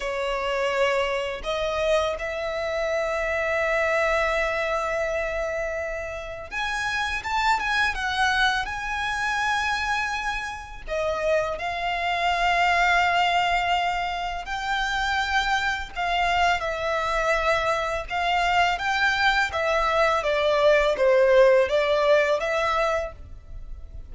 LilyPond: \new Staff \with { instrumentName = "violin" } { \time 4/4 \tempo 4 = 83 cis''2 dis''4 e''4~ | e''1~ | e''4 gis''4 a''8 gis''8 fis''4 | gis''2. dis''4 |
f''1 | g''2 f''4 e''4~ | e''4 f''4 g''4 e''4 | d''4 c''4 d''4 e''4 | }